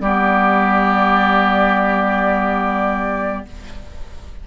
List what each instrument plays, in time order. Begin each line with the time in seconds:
0.00 bassoon G3, clarinet B3, oboe G4, flute D5